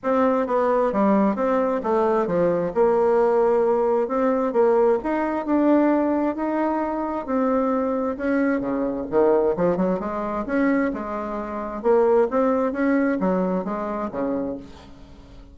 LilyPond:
\new Staff \with { instrumentName = "bassoon" } { \time 4/4 \tempo 4 = 132 c'4 b4 g4 c'4 | a4 f4 ais2~ | ais4 c'4 ais4 dis'4 | d'2 dis'2 |
c'2 cis'4 cis4 | dis4 f8 fis8 gis4 cis'4 | gis2 ais4 c'4 | cis'4 fis4 gis4 cis4 | }